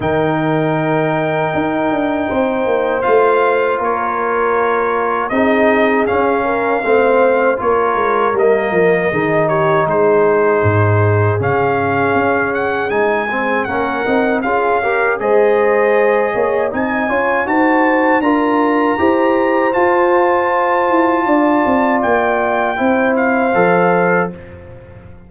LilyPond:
<<
  \new Staff \with { instrumentName = "trumpet" } { \time 4/4 \tempo 4 = 79 g''1 | f''4 cis''2 dis''4 | f''2 cis''4 dis''4~ | dis''8 cis''8 c''2 f''4~ |
f''8 fis''8 gis''4 fis''4 f''4 | dis''2 gis''4 a''4 | ais''2 a''2~ | a''4 g''4. f''4. | }
  \new Staff \with { instrumentName = "horn" } { \time 4/4 ais'2. c''4~ | c''4 ais'2 gis'4~ | gis'8 ais'8 c''4 ais'2 | gis'8 g'8 gis'2.~ |
gis'2 ais'4 gis'8 ais'8 | c''4. cis''8 dis''8 cis''8 c''4 | ais'4 c''2. | d''2 c''2 | }
  \new Staff \with { instrumentName = "trombone" } { \time 4/4 dis'1 | f'2. dis'4 | cis'4 c'4 f'4 ais4 | dis'2. cis'4~ |
cis'4 dis'8 c'8 cis'8 dis'8 f'8 g'8 | gis'2 dis'8 f'8 fis'4 | f'4 g'4 f'2~ | f'2 e'4 a'4 | }
  \new Staff \with { instrumentName = "tuba" } { \time 4/4 dis2 dis'8 d'8 c'8 ais8 | a4 ais2 c'4 | cis'4 a4 ais8 gis8 g8 f8 | dis4 gis4 gis,4 cis4 |
cis'4 gis4 ais8 c'8 cis'4 | gis4. ais8 c'8 cis'8 dis'4 | d'4 e'4 f'4. e'8 | d'8 c'8 ais4 c'4 f4 | }
>>